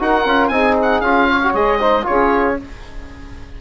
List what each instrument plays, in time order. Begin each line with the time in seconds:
0.00 bassoon D#4, trombone F#4, saxophone A#4, oboe F#5
0.25 bassoon C#4, trombone F4
0.48 bassoon C4, trombone D#4, saxophone G#4, oboe G#5
0.83 oboe F#5
1.01 bassoon C#4, trombone F4, oboe F5
1.28 saxophone C#5
1.43 trombone F#4
1.54 bassoon G#3, trombone G#4, oboe D#5
1.79 trombone D#4, saxophone C5
2.03 trombone F4, saxophone G#4, oboe C#5
2.09 bassoon C#4